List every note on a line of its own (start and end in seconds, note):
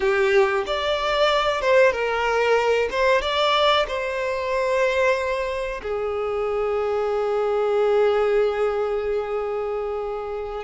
0.00 0.64 G4
0.66 1.61 D5
1.61 1.92 C5
1.92 2.89 A#4
2.90 3.21 C5
3.21 3.86 D5
3.87 5.81 C5
5.82 10.64 G#4